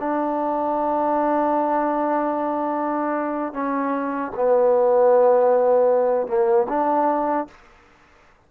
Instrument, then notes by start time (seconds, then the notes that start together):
trombone
0.00 D4
3.53 C#4
4.36 B3
6.28 A#3
6.69 D4